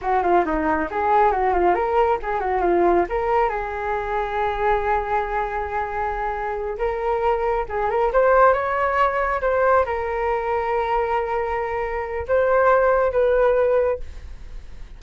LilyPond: \new Staff \with { instrumentName = "flute" } { \time 4/4 \tempo 4 = 137 fis'8 f'8 dis'4 gis'4 fis'8 f'8 | ais'4 gis'8 fis'8 f'4 ais'4 | gis'1~ | gis'2.~ gis'8 ais'8~ |
ais'4. gis'8 ais'8 c''4 cis''8~ | cis''4. c''4 ais'4.~ | ais'1 | c''2 b'2 | }